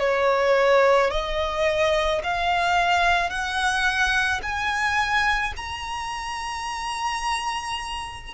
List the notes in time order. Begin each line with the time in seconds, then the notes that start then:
0.00 C#5
1.11 D#5
2.24 F5
3.30 F#5
4.42 G#5
5.57 A#5